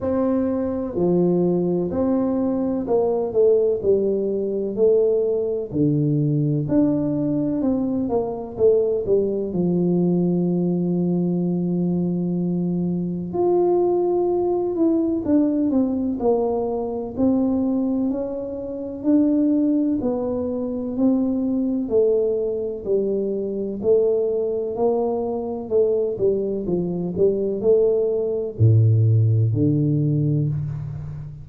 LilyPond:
\new Staff \with { instrumentName = "tuba" } { \time 4/4 \tempo 4 = 63 c'4 f4 c'4 ais8 a8 | g4 a4 d4 d'4 | c'8 ais8 a8 g8 f2~ | f2 f'4. e'8 |
d'8 c'8 ais4 c'4 cis'4 | d'4 b4 c'4 a4 | g4 a4 ais4 a8 g8 | f8 g8 a4 a,4 d4 | }